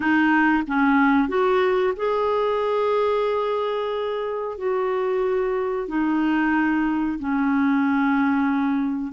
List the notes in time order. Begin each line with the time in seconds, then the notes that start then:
0.00 D#4
0.67 C#4
1.28 F#4
1.96 G#4
4.57 F#4
5.88 D#4
7.19 C#4